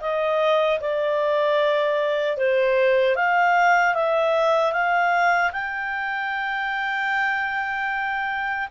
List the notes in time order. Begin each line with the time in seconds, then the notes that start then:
0.00 D#5
0.80 D5
2.37 C5
3.15 F5
3.94 E5
4.72 F5
5.52 G5